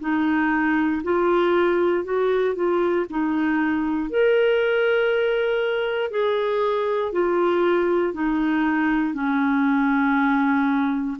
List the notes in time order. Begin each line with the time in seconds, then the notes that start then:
0.00 D#4
1.03 F4
2.04 F#4
2.55 F4
3.09 D#4
4.10 A#4
6.11 G#4
7.12 F4
8.13 D#4
9.13 C#4